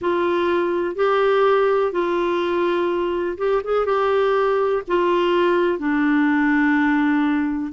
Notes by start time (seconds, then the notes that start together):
0.01 F4
0.95 G4
1.91 F4
3.37 G4
3.64 G#4
3.85 G4
4.87 F4
5.78 D4